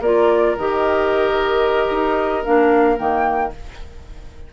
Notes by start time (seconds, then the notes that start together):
0.00 A#3 F4 A#4 D5
0.57 D#3 G4 D#5
1.89 D#4
2.44 A#3 D4 F5
2.97 D#3 A#3 G5